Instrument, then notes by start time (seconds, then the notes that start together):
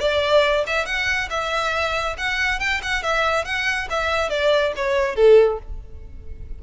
violin
0.00 D5
0.67 E5
0.86 F#5
1.30 E5
2.18 F#5
2.60 G5
2.83 F#5
3.03 E5
3.45 F#5
3.90 E5
4.30 D5
4.76 C#5
5.16 A4